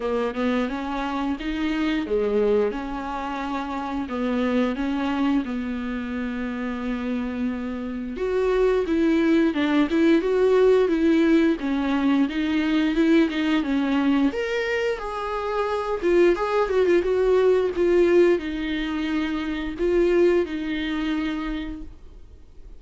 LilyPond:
\new Staff \with { instrumentName = "viola" } { \time 4/4 \tempo 4 = 88 ais8 b8 cis'4 dis'4 gis4 | cis'2 b4 cis'4 | b1 | fis'4 e'4 d'8 e'8 fis'4 |
e'4 cis'4 dis'4 e'8 dis'8 | cis'4 ais'4 gis'4. f'8 | gis'8 fis'16 f'16 fis'4 f'4 dis'4~ | dis'4 f'4 dis'2 | }